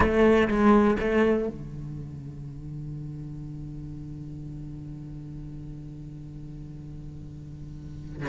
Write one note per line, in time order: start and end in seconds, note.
0.00 0.48 A3
0.48 0.96 G#3
0.99 1.48 A3
1.48 8.28 D3